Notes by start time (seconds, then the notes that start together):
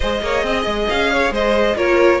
0.00 G#3 G#4 C5 D#5
0.21 A#3 C#5
0.43 C4 D#5
0.66 G#3
0.89 C#4 F5
1.12 C#5
1.30 G#3 C5 D#5
1.76 A#3 F4 A#4 C#5